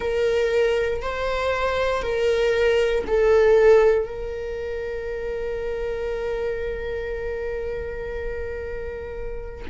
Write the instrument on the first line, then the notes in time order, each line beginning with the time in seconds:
viola
0.00 A#4
1.02 C5
2.02 A#4
3.06 A4
4.05 A#4